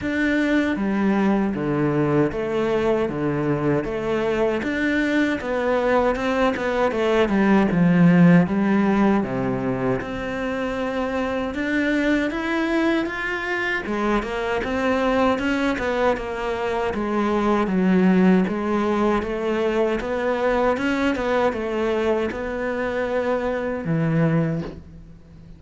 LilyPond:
\new Staff \with { instrumentName = "cello" } { \time 4/4 \tempo 4 = 78 d'4 g4 d4 a4 | d4 a4 d'4 b4 | c'8 b8 a8 g8 f4 g4 | c4 c'2 d'4 |
e'4 f'4 gis8 ais8 c'4 | cis'8 b8 ais4 gis4 fis4 | gis4 a4 b4 cis'8 b8 | a4 b2 e4 | }